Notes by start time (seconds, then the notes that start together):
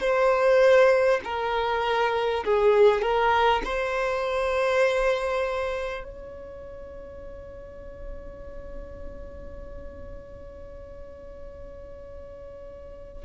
0.00 C5
1.24 A#4
2.44 G#4
3.02 A#4
3.64 C5
6.03 C#5